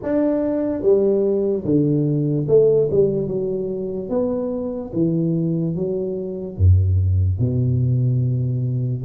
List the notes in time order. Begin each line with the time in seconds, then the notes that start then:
0.02 D4
0.81 G3
1.64 D3
2.48 A3
2.91 G3
3.27 F#3
4.09 B3
4.93 E3
5.75 F#3
6.57 F#2
7.39 B2